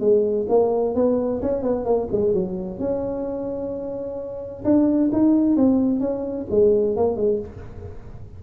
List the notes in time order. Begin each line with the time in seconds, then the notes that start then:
0.00 G#3
0.49 A#3
0.95 B3
1.42 C#4
1.62 B3
1.85 A#3
2.11 G#3
2.33 F#3
2.79 C#4
4.64 D4
5.12 D#4
5.56 C4
6.00 C#4
6.50 G#3
6.96 A#3
7.16 G#3